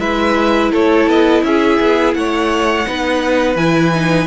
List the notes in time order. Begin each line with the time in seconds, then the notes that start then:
0.00 G#3 E4 B4 E5
0.72 A3 A4 C#5
1.08 B3 D#5
1.43 C#4 G#4 E5
1.81 B3
2.14 A3 C#5 F#5
2.86 B3 D#4 B4
3.56 E3 E4 G#5
3.95 D#4